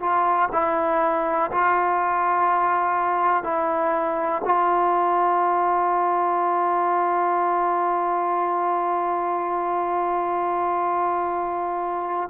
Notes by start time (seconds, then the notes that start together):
0.00 F4
0.52 E4
1.51 F4
3.43 E4
4.44 F4